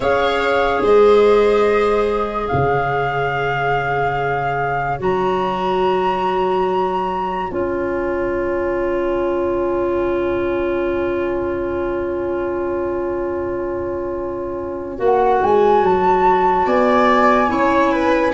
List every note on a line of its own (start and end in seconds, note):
0.00 0.81 C#4
0.00 4.99 G#4
0.00 0.83 C#5
0.00 0.82 F5
0.81 2.48 G#3
0.81 2.48 C5
0.81 2.47 D#5
2.47 5.00 C#3
2.47 16.64 C#5
2.47 4.97 F5
4.99 7.50 F#3
4.99 7.49 F#4
4.99 7.51 A#5
7.50 14.99 C#4
7.50 14.97 F4
7.50 15.01 G#5
14.97 15.40 A#3
14.97 17.47 F#4
14.97 15.44 F#5
15.42 15.82 G#3
15.42 15.85 G#5
15.82 16.65 F#3
15.82 16.68 A5
16.65 17.49 B3
16.65 17.49 D5
16.65 18.33 G#5
17.48 18.33 C#4
17.48 18.31 E4
17.48 17.92 C#5
17.92 18.33 B4